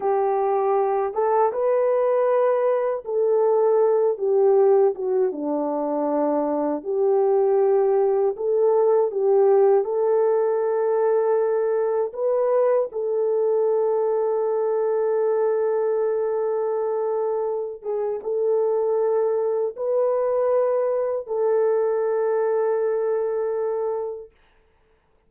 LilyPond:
\new Staff \with { instrumentName = "horn" } { \time 4/4 \tempo 4 = 79 g'4. a'8 b'2 | a'4. g'4 fis'8 d'4~ | d'4 g'2 a'4 | g'4 a'2. |
b'4 a'2.~ | a'2.~ a'8 gis'8 | a'2 b'2 | a'1 | }